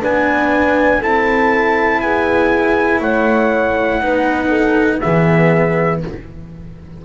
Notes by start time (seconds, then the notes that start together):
0.00 B3 D4 B4 G#5
0.99 C4 E4 A4 A5
2.00 B3 G#4 G#5
3.00 A3 C#5 F#5
4.00 B3 D#4 B4
4.48 A4
5.00 E3 B3 G#4 E5